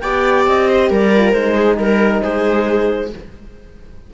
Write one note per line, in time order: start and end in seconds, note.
0.00 0.47 B3
0.00 1.13 G4
0.00 0.68 D5
0.00 0.44 G5
0.47 0.91 C4
0.47 0.92 D#5
0.69 0.90 C5
0.90 1.34 G3
0.90 1.55 A#4
0.90 1.31 D5
1.16 1.33 F4
1.31 1.78 G#3
1.31 3.10 D#4
1.31 1.75 C5
1.55 1.77 G#4
1.78 2.22 G3
1.78 2.23 A#4
1.78 2.22 A#4
2.22 3.14 G#3
2.22 3.11 G#4
2.22 3.10 C5